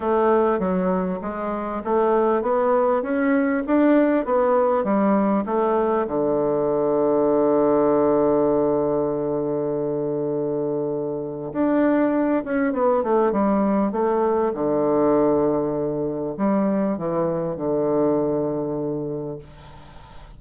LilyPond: \new Staff \with { instrumentName = "bassoon" } { \time 4/4 \tempo 4 = 99 a4 fis4 gis4 a4 | b4 cis'4 d'4 b4 | g4 a4 d2~ | d1~ |
d2. d'4~ | d'8 cis'8 b8 a8 g4 a4 | d2. g4 | e4 d2. | }